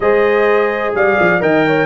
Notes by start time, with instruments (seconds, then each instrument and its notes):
0.00 tuba G#3, trombone G#4, horn C5, trumpet D#5
0.93 tuba G3, horn D5, trumpet F5
1.19 tuba F3
1.40 tuba D#3, trombone A#4, horn D#5, trumpet G5
1.66 horn C#5